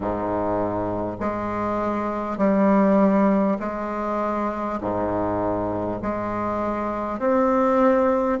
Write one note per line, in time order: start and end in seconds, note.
0.00 1.17 G#2
1.20 2.37 G#3
2.37 3.57 G3
3.59 4.79 G#3
4.80 6.00 G#2
6.02 7.19 G#3
7.19 8.39 C4